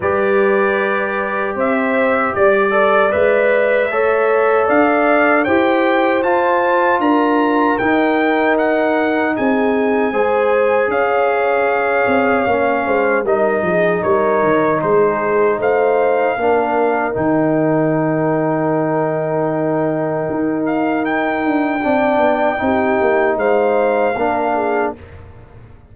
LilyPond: <<
  \new Staff \with { instrumentName = "trumpet" } { \time 4/4 \tempo 4 = 77 d''2 e''4 d''4 | e''2 f''4 g''4 | a''4 ais''4 g''4 fis''4 | gis''2 f''2~ |
f''4 dis''4 cis''4 c''4 | f''2 g''2~ | g''2~ g''8 f''8 g''4~ | g''2 f''2 | }
  \new Staff \with { instrumentName = "horn" } { \time 4/4 b'2 c''4 d''4~ | d''4 cis''4 d''4 c''4~ | c''4 ais'2. | gis'4 c''4 cis''2~ |
cis''8 c''8 ais'8 gis'8 ais'4 gis'4 | c''4 ais'2.~ | ais'1 | d''4 g'4 c''4 ais'8 gis'8 | }
  \new Staff \with { instrumentName = "trombone" } { \time 4/4 g'2.~ g'8 a'8 | b'4 a'2 g'4 | f'2 dis'2~ | dis'4 gis'2. |
cis'4 dis'2.~ | dis'4 d'4 dis'2~ | dis'1 | d'4 dis'2 d'4 | }
  \new Staff \with { instrumentName = "tuba" } { \time 4/4 g2 c'4 g4 | gis4 a4 d'4 e'4 | f'4 d'4 dis'2 | c'4 gis4 cis'4. c'8 |
ais8 gis8 g8 f8 g8 dis8 gis4 | a4 ais4 dis2~ | dis2 dis'4. d'8 | c'8 b8 c'8 ais8 gis4 ais4 | }
>>